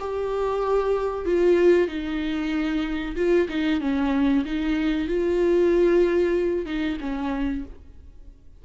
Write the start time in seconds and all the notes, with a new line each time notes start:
0.00 G4
1.25 F4
1.88 D#4
3.16 F4
3.49 D#4
3.81 C#4
4.45 D#4
5.08 F4
6.66 D#4
7.01 C#4